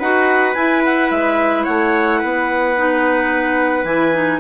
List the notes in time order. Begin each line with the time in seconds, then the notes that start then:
0.00 D#4 F#4 B4 F#5
0.55 E4 G#5
0.85 F#5
1.11 G#3 E5
1.64 A3 C#5 F#5
2.20 B3 B4
2.77 D#4
3.84 E3 E4 G#5
4.13 D#4